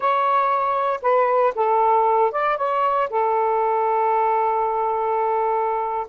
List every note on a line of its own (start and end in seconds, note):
0.00 1.00 C#5
1.02 1.53 B4
1.55 2.31 A4
2.31 2.57 D5
2.57 3.08 C#5
3.09 6.07 A4